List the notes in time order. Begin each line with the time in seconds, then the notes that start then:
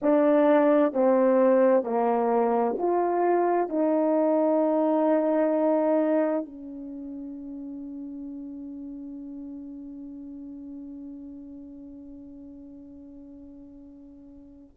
0.02 D4
0.93 C4
1.83 A#3
2.77 F4
3.68 D#4
6.45 C#4